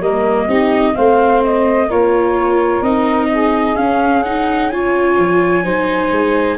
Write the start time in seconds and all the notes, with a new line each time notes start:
0.00 G3 A#3 A#4 D#5
0.45 C4 D#4 G4
0.94 A3 C4 C5 F5
1.44 D#5
1.87 A#3 F4 A#4 C#5
2.81 C4 D#4 D#5
3.31 G#4
3.75 C#4 F5
4.23 D#4 F#5
4.69 F4 C#5 G#5
5.18 F3
5.63 F#3 D#4 C5
6.11 G#3